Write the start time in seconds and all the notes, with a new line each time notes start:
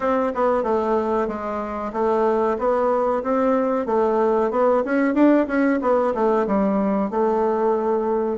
0.00 C4
0.34 B3
0.63 A3
1.27 G#3
1.92 A3
2.58 B3
3.23 C4
3.86 A3
4.50 B3
4.84 C#4
5.14 D4
5.47 C#4
5.81 B3
6.14 A3
6.46 G3
7.10 A3